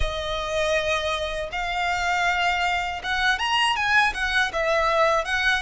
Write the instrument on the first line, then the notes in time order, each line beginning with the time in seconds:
violin
0.00 D#5
1.51 F5
3.03 F#5
3.39 A#5
3.75 G#5
4.14 F#5
4.52 E5
5.25 F#5